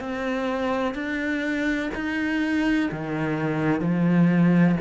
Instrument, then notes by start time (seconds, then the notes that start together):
cello
0.00 C4
0.95 D4
1.95 D#4
2.92 D#3
3.81 F3